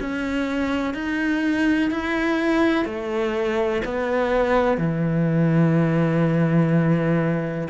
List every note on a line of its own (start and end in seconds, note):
0.00 0.94 C#4
0.94 1.90 D#4
1.90 2.85 E4
2.85 3.82 A3
3.85 4.77 B3
4.77 7.68 E3